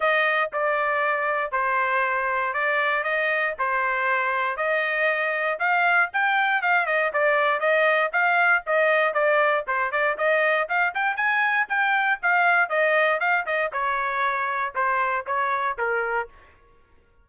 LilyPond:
\new Staff \with { instrumentName = "trumpet" } { \time 4/4 \tempo 4 = 118 dis''4 d''2 c''4~ | c''4 d''4 dis''4 c''4~ | c''4 dis''2 f''4 | g''4 f''8 dis''8 d''4 dis''4 |
f''4 dis''4 d''4 c''8 d''8 | dis''4 f''8 g''8 gis''4 g''4 | f''4 dis''4 f''8 dis''8 cis''4~ | cis''4 c''4 cis''4 ais'4 | }